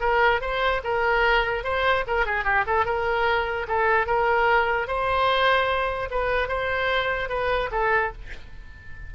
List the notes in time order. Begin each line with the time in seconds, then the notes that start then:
0.00 A#4
0.41 C5
0.83 A#4
1.64 C5
2.07 A#4
2.26 G#4
2.44 G4
2.66 A4
2.85 A#4
3.68 A4
4.06 A#4
4.87 C5
6.10 B4
6.48 C5
7.29 B4
7.71 A4